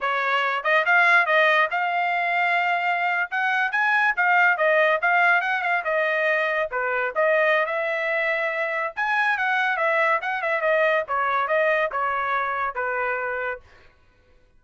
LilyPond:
\new Staff \with { instrumentName = "trumpet" } { \time 4/4 \tempo 4 = 141 cis''4. dis''8 f''4 dis''4 | f''2.~ f''8. fis''16~ | fis''8. gis''4 f''4 dis''4 f''16~ | f''8. fis''8 f''8 dis''2 b'16~ |
b'8. dis''4~ dis''16 e''2~ | e''4 gis''4 fis''4 e''4 | fis''8 e''8 dis''4 cis''4 dis''4 | cis''2 b'2 | }